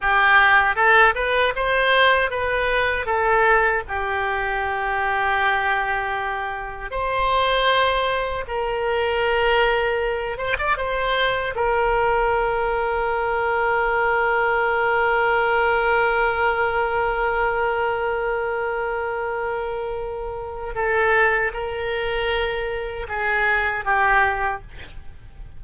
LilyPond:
\new Staff \with { instrumentName = "oboe" } { \time 4/4 \tempo 4 = 78 g'4 a'8 b'8 c''4 b'4 | a'4 g'2.~ | g'4 c''2 ais'4~ | ais'4. c''16 d''16 c''4 ais'4~ |
ais'1~ | ais'1~ | ais'2. a'4 | ais'2 gis'4 g'4 | }